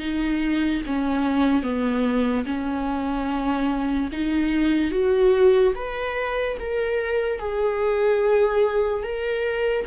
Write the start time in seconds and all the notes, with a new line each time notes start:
0.00 D#4
0.87 C#4
1.63 B3
2.45 C#4
4.12 D#4
4.91 F#4
5.76 B4
6.60 A#4
7.39 G#4
9.04 A#4